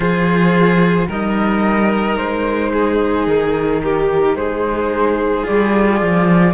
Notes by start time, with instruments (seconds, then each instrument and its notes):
0.00 cello F3 F4, violin G#4, flute C5
1.07 cello G3 D#4, violin A#4, flute D#5
2.17 cello G#3, flute C5
2.73 violin G#4
3.26 cello D#3, flute A#4
3.83 violin G4
4.35 cello G#3, violin G#4, flute C5
5.43 cello G3 F4, flute D5
6.01 cello F3